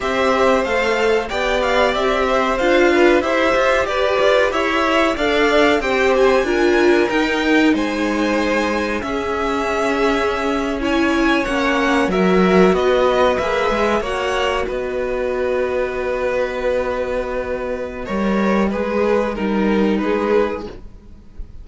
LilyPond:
<<
  \new Staff \with { instrumentName = "violin" } { \time 4/4 \tempo 4 = 93 e''4 f''4 g''8 f''8 e''4 | f''4 e''4 d''4 e''4 | f''4 g''8 gis''4. g''4 | gis''2 e''2~ |
e''8. gis''4 fis''4 e''4 dis''16~ | dis''8. e''4 fis''4 dis''4~ dis''16~ | dis''1~ | dis''2. b'4 | }
  \new Staff \with { instrumentName = "violin" } { \time 4/4 c''2 d''4. c''8~ | c''8 b'8 c''4 b'4 cis''4 | d''4 c''4 ais'2 | c''2 gis'2~ |
gis'8. cis''2 ais'4 b'16~ | b'4.~ b'16 cis''4 b'4~ b'16~ | b'1 | cis''4 b'4 ais'4 gis'4 | }
  \new Staff \with { instrumentName = "viola" } { \time 4/4 g'4 a'4 g'2 | f'4 g'2. | a'4 g'4 f'4 dis'4~ | dis'2 cis'2~ |
cis'8. e'4 cis'4 fis'4~ fis'16~ | fis'8. gis'4 fis'2~ fis'16~ | fis'1 | ais'4 gis'4 dis'2 | }
  \new Staff \with { instrumentName = "cello" } { \time 4/4 c'4 a4 b4 c'4 | d'4 e'8 f'8 g'8 f'8 e'4 | d'4 c'4 d'4 dis'4 | gis2 cis'2~ |
cis'4.~ cis'16 ais4 fis4 b16~ | b8. ais8 gis8 ais4 b4~ b16~ | b1 | g4 gis4 g4 gis4 | }
>>